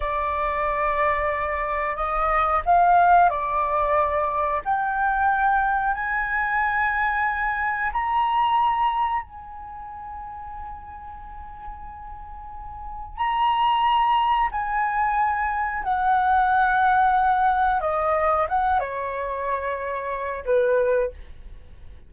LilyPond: \new Staff \with { instrumentName = "flute" } { \time 4/4 \tempo 4 = 91 d''2. dis''4 | f''4 d''2 g''4~ | g''4 gis''2. | ais''2 gis''2~ |
gis''1 | ais''2 gis''2 | fis''2. dis''4 | fis''8 cis''2~ cis''8 b'4 | }